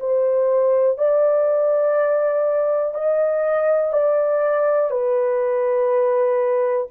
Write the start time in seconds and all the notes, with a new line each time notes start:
0.00 C5
0.98 D5
2.95 D#5
3.93 D5
4.90 B4